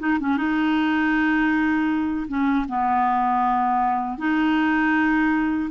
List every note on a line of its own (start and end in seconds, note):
0.00 0.19 D#4
0.20 0.37 C#4
0.37 2.27 D#4
2.28 2.66 C#4
2.69 4.18 B3
4.18 5.70 D#4